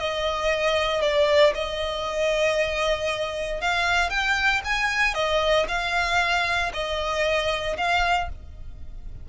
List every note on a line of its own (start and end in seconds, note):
0.00 1.02 D#5
1.02 1.54 D5
1.55 3.62 D#5
3.62 4.10 F5
4.10 4.62 G5
4.65 5.15 G#5
5.15 5.67 D#5
5.69 6.72 F5
6.74 7.77 D#5
7.78 8.30 F5